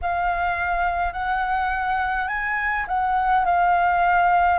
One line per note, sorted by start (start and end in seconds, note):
0.01 1.13 F5
1.13 2.28 F#5
2.28 2.85 G#5
2.87 3.45 F#5
3.45 4.58 F5